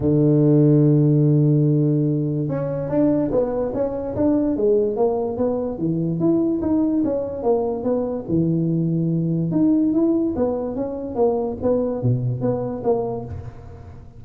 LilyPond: \new Staff \with { instrumentName = "tuba" } { \time 4/4 \tempo 4 = 145 d1~ | d2 cis'4 d'4 | b4 cis'4 d'4 gis4 | ais4 b4 e4 e'4 |
dis'4 cis'4 ais4 b4 | e2. dis'4 | e'4 b4 cis'4 ais4 | b4 b,4 b4 ais4 | }